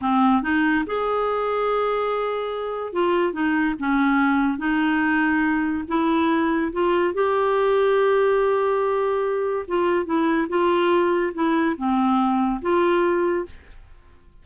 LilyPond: \new Staff \with { instrumentName = "clarinet" } { \time 4/4 \tempo 4 = 143 c'4 dis'4 gis'2~ | gis'2. f'4 | dis'4 cis'2 dis'4~ | dis'2 e'2 |
f'4 g'2.~ | g'2. f'4 | e'4 f'2 e'4 | c'2 f'2 | }